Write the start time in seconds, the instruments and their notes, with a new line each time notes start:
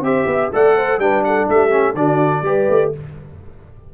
0.00 tuba C4, trombone G4, horn C5, trumpet E5
0.26 tuba B3, horn E5
0.52 tuba A3, trombone A4, horn D5, trumpet F#5
0.76 horn C5
0.98 tuba G3, trombone D4, horn B4, trumpet G5
1.24 horn A4, trumpet F#5
1.48 tuba A3, horn G4, trumpet E5
1.69 trombone C#4
1.94 tuba D3, trombone D4, horn F#4, trumpet D5
2.42 tuba G3, trombone G4, horn B4
2.69 tuba A3